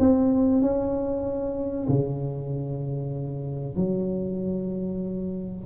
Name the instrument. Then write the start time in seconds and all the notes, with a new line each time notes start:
tuba
0.00 C4
0.62 C#4
1.89 C#3
3.76 F#3